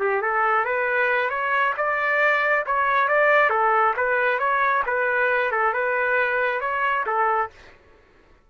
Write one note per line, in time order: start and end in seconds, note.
0.00 0.22 G4
0.22 0.65 A4
0.65 1.30 B4
1.30 1.74 C#5
1.77 2.65 D5
2.66 3.08 C#5
3.08 3.50 D5
3.50 3.94 A4
3.97 4.39 B4
4.39 4.83 C#5
4.86 5.52 B4
5.52 5.73 A4
5.73 6.61 B4
6.61 7.05 C#5
7.06 7.50 A4